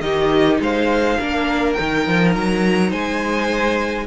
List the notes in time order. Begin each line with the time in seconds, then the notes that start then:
0.00 D#3 D#4 G4 D#5
0.60 G#3 C5 F5
1.19 A#3 D4 A#4
1.73 D#4 G5
1.79 D#3
2.07 F3
2.35 F#3 A#5
2.89 G#3 C5 G#5